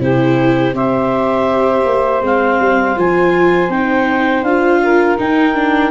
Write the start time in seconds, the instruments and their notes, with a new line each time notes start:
0.00 tuba C3, viola E4, saxophone G4, clarinet C5
0.74 tuba C4, viola G4, saxophone C5, clarinet E5
1.85 tuba A#3
2.22 tuba G#3, viola C4, clarinet F5
2.60 tuba G3
2.96 tuba F3, viola F4, clarinet G#5
3.69 tuba C4, viola D#4, clarinet G5
4.43 tuba D4, viola F4, clarinet F5
4.83 saxophone A#4
5.18 viola D#4, tuba D#4, clarinet G5
5.55 viola D4